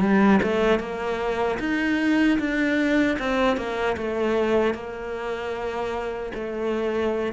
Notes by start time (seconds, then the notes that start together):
0.00 G3
0.42 A3
0.79 A#3
1.59 D#4
2.39 D4
3.19 C4
3.57 A#3
3.97 A3
4.74 A#3
6.34 A3